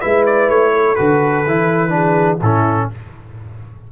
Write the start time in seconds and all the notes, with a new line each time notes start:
0.00 G#3 E4 B4 E5
0.26 D5
0.49 A3 C#5
0.73 A4
0.95 D3 F#4 B4
1.46 E3 E4
1.89 D4 G#4
2.39 A2 C#4 E4 A4